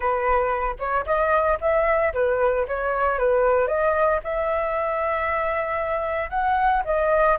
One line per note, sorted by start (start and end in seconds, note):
0.00 0.76 B4
0.79 1.05 C#5
1.06 1.58 D#5
1.60 2.13 E5
2.13 2.66 B4
2.67 3.18 C#5
3.18 3.67 B4
3.67 4.20 D#5
4.23 6.30 E5
6.30 6.82 F#5
6.84 7.37 D#5